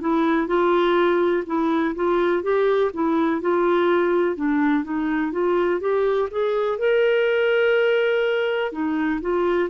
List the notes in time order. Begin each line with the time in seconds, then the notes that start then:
0.00 E4
0.47 F4
1.46 E4
1.95 F4
2.42 G4
2.93 E4
3.41 F4
4.35 D4
4.84 D#4
5.32 F4
5.80 G4
6.30 G#4
6.78 A#4
8.71 D#4
9.21 F4